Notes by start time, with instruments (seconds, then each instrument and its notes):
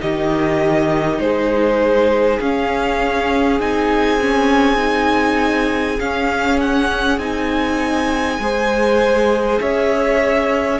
0.00 cello D#3, viola D#4, violin G4 D#5
1.18 cello G#3, violin G#4 C5
2.40 cello C#4, viola C#4, violin F5
3.59 cello C4, viola D#4, violin G#5
4.20 viola C#4
4.76 viola D#4
5.99 viola C#4, cello C#4, violin F5
6.59 violin F#5
7.18 cello C4, viola D#4, violin G#5
8.39 cello G#3, viola G#4, violin C5
9.60 cello C#4, violin C#5 E5